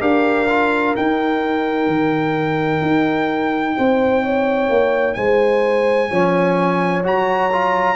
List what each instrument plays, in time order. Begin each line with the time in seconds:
0.00 tuba D4, trombone G4, horn A#4, trumpet F5
0.49 trombone F4
0.96 trombone D#4, tuba D#4, trumpet G5
1.87 tuba D#3
2.81 tuba D#4
3.77 tuba C4, horn C5
4.22 horn C#5
4.69 tuba A#3
5.13 tuba G#3, horn C5, trumpet G#5
6.10 tuba F3, trombone C#4, horn C#5
7.03 tuba F#3, trombone F#4, trumpet A#5
7.52 trombone F4